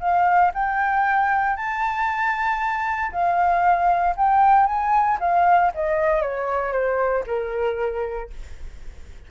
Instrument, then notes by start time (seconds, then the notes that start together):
flute
0.00 F5
0.54 G5
1.57 A5
3.12 F5
4.16 G5
4.66 G#5
5.20 F5
5.74 D#5
6.22 C#5
6.72 C5
7.26 A#4